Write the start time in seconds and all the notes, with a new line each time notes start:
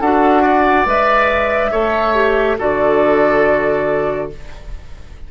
0.00 D4 F#4 A4 F#5
0.42 D5
0.86 G#3 B4 E5
1.71 A3 A4 C#5
2.14 G4
2.58 D3 F#4 A4 D5